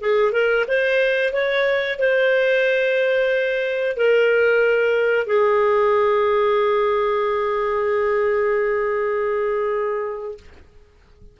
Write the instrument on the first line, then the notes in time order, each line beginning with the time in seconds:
clarinet
0.00 G#4
0.32 A#4
0.68 C5
1.33 C#5
1.99 C5
3.96 A#4
5.26 G#4